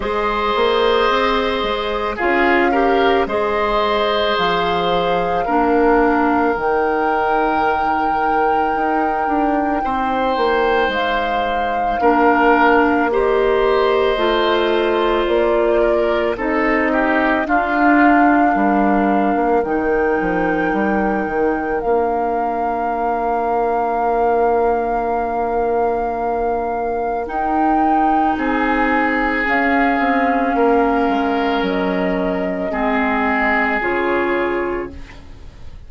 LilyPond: <<
  \new Staff \with { instrumentName = "flute" } { \time 4/4 \tempo 4 = 55 dis''2 f''4 dis''4 | f''2 g''2~ | g''2 f''2 | dis''2 d''4 dis''4 |
f''2 g''2 | f''1~ | f''4 g''4 gis''4 f''4~ | f''4 dis''2 cis''4 | }
  \new Staff \with { instrumentName = "oboe" } { \time 4/4 c''2 gis'8 ais'8 c''4~ | c''4 ais'2.~ | ais'4 c''2 ais'4 | c''2~ c''8 ais'8 a'8 g'8 |
f'4 ais'2.~ | ais'1~ | ais'2 gis'2 | ais'2 gis'2 | }
  \new Staff \with { instrumentName = "clarinet" } { \time 4/4 gis'2 f'8 g'8 gis'4~ | gis'4 d'4 dis'2~ | dis'2. d'4 | g'4 f'2 dis'4 |
d'2 dis'2 | d'1~ | d'4 dis'2 cis'4~ | cis'2 c'4 f'4 | }
  \new Staff \with { instrumentName = "bassoon" } { \time 4/4 gis8 ais8 c'8 gis8 cis'4 gis4 | f4 ais4 dis2 | dis'8 d'8 c'8 ais8 gis4 ais4~ | ais4 a4 ais4 c'4 |
d'4 g8. ais16 dis8 f8 g8 dis8 | ais1~ | ais4 dis'4 c'4 cis'8 c'8 | ais8 gis8 fis4 gis4 cis4 | }
>>